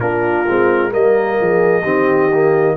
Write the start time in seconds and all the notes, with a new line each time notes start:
0.00 A#3 D4 F4 A#4
0.48 G#3 C4
0.90 G3 A#3 A#4 D#5
1.40 F3 G#4
1.82 D#3 C4 G4
2.33 A#3